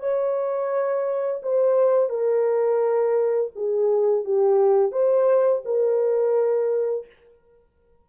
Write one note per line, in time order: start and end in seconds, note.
0.00 1.41 C#5
1.43 2.10 C5
2.10 3.51 A#4
3.56 4.25 G#4
4.25 4.92 G4
4.92 5.62 C5
5.65 7.07 A#4